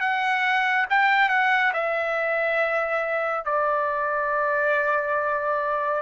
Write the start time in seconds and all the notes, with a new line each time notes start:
0.00 F#5
0.90 G5
1.29 F#5
1.73 E5
3.44 D5